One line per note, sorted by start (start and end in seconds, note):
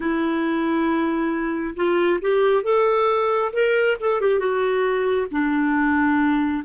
0.00 1.74 E4
1.76 2.20 F4
2.21 2.63 G4
2.63 3.51 A4
3.53 3.97 A#4
4.00 4.21 A4
4.21 4.39 G4
4.39 5.27 F#4
5.31 6.63 D4